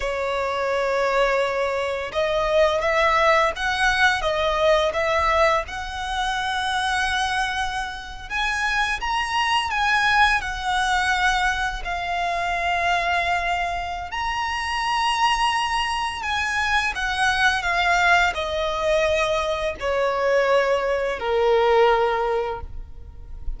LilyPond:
\new Staff \with { instrumentName = "violin" } { \time 4/4 \tempo 4 = 85 cis''2. dis''4 | e''4 fis''4 dis''4 e''4 | fis''2.~ fis''8. gis''16~ | gis''8. ais''4 gis''4 fis''4~ fis''16~ |
fis''8. f''2.~ f''16 | ais''2. gis''4 | fis''4 f''4 dis''2 | cis''2 ais'2 | }